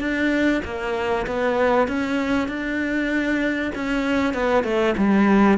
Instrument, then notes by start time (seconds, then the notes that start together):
cello
0.00 D4
0.65 A#3
1.27 B3
1.88 C#4
2.48 D4
3.75 C#4
4.34 B3
4.64 A3
4.98 G3